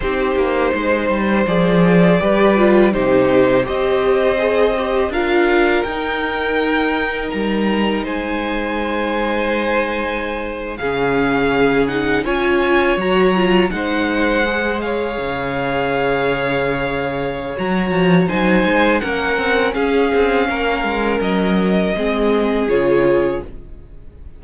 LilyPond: <<
  \new Staff \with { instrumentName = "violin" } { \time 4/4 \tempo 4 = 82 c''2 d''2 | c''4 dis''2 f''4 | g''2 ais''4 gis''4~ | gis''2~ gis''8. f''4~ f''16~ |
f''16 fis''8 gis''4 ais''4 fis''4~ fis''16~ | fis''16 f''2.~ f''8. | ais''4 gis''4 fis''4 f''4~ | f''4 dis''2 cis''4 | }
  \new Staff \with { instrumentName = "violin" } { \time 4/4 g'4 c''2 b'4 | g'4 c''2 ais'4~ | ais'2. c''4~ | c''2~ c''8. gis'4~ gis'16~ |
gis'8. cis''2 c''4~ c''16~ | c''16 cis''2.~ cis''8.~ | cis''4 c''4 ais'4 gis'4 | ais'2 gis'2 | }
  \new Staff \with { instrumentName = "viola" } { \time 4/4 dis'2 gis'4 g'8 f'8 | dis'4 g'4 gis'8 g'8 f'4 | dis'1~ | dis'2~ dis'8. cis'4~ cis'16~ |
cis'16 dis'8 f'4 fis'8 f'8 dis'4 gis'16~ | gis'1 | fis'4 dis'4 cis'2~ | cis'2 c'4 f'4 | }
  \new Staff \with { instrumentName = "cello" } { \time 4/4 c'8 ais8 gis8 g8 f4 g4 | c4 c'2 d'4 | dis'2 g4 gis4~ | gis2~ gis8. cis4~ cis16~ |
cis8. cis'4 fis4 gis4~ gis16~ | gis8. cis2.~ cis16 | fis8 f8 fis8 gis8 ais8 c'8 cis'8 c'8 | ais8 gis8 fis4 gis4 cis4 | }
>>